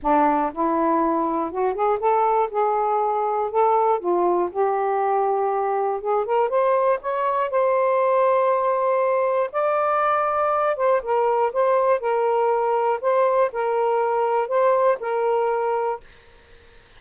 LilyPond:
\new Staff \with { instrumentName = "saxophone" } { \time 4/4 \tempo 4 = 120 d'4 e'2 fis'8 gis'8 | a'4 gis'2 a'4 | f'4 g'2. | gis'8 ais'8 c''4 cis''4 c''4~ |
c''2. d''4~ | d''4. c''8 ais'4 c''4 | ais'2 c''4 ais'4~ | ais'4 c''4 ais'2 | }